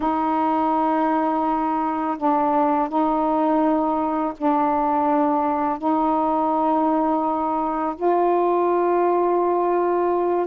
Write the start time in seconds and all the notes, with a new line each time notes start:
0.00 D#4
2.17 D4
2.88 D#4
4.37 D4
5.78 D#4
7.96 F4